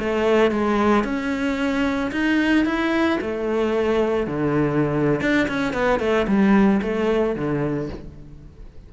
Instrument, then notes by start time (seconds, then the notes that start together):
cello
0.00 A3
0.52 G#3
1.04 C#4
2.12 D#4
2.66 E4
3.22 A3
4.28 D3
5.21 D4
5.48 C#4
5.74 B3
6.00 A3
6.28 G3
6.83 A3
7.36 D3